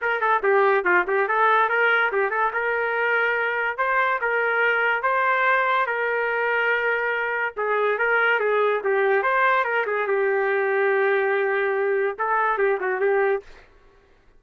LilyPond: \new Staff \with { instrumentName = "trumpet" } { \time 4/4 \tempo 4 = 143 ais'8 a'8 g'4 f'8 g'8 a'4 | ais'4 g'8 a'8 ais'2~ | ais'4 c''4 ais'2 | c''2 ais'2~ |
ais'2 gis'4 ais'4 | gis'4 g'4 c''4 ais'8 gis'8 | g'1~ | g'4 a'4 g'8 fis'8 g'4 | }